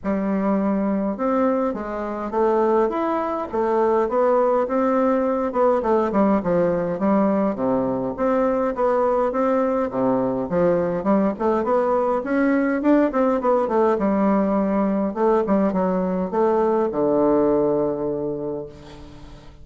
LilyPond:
\new Staff \with { instrumentName = "bassoon" } { \time 4/4 \tempo 4 = 103 g2 c'4 gis4 | a4 e'4 a4 b4 | c'4. b8 a8 g8 f4 | g4 c4 c'4 b4 |
c'4 c4 f4 g8 a8 | b4 cis'4 d'8 c'8 b8 a8 | g2 a8 g8 fis4 | a4 d2. | }